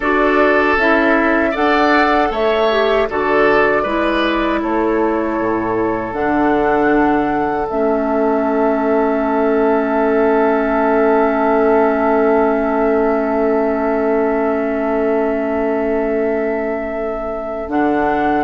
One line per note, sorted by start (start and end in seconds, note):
0.00 0.76 D4
0.00 0.79 F#4
0.00 1.51 A4
0.00 0.78 D5
0.76 1.53 C#4
0.76 1.53 E4
0.76 1.55 E5
1.51 2.30 D4
1.51 2.68 A4
1.51 2.28 D5
1.51 2.32 F#5
2.30 3.07 A3
2.30 3.08 C#5
2.30 3.09 E5
2.71 3.09 G4
3.09 3.84 D3
3.09 3.85 F#4
3.09 3.82 A4
3.09 4.61 D5
3.82 4.61 G#3
3.82 6.13 E4
3.82 4.59 B4
4.61 5.38 A3
4.61 18.43 A4
4.61 6.13 C#5
5.38 6.13 A2
6.13 7.67 D3
6.13 7.67 D4
6.13 7.67 F#5
7.69 17.68 A3
7.69 17.69 C#4
7.69 17.69 E5
17.68 18.43 D3
17.68 18.43 D4
17.68 18.43 F#5